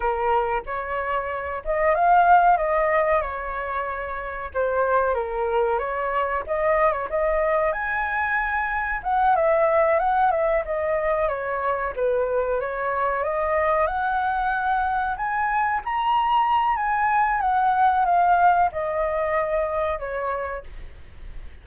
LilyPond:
\new Staff \with { instrumentName = "flute" } { \time 4/4 \tempo 4 = 93 ais'4 cis''4. dis''8 f''4 | dis''4 cis''2 c''4 | ais'4 cis''4 dis''8. cis''16 dis''4 | gis''2 fis''8 e''4 fis''8 |
e''8 dis''4 cis''4 b'4 cis''8~ | cis''8 dis''4 fis''2 gis''8~ | gis''8 ais''4. gis''4 fis''4 | f''4 dis''2 cis''4 | }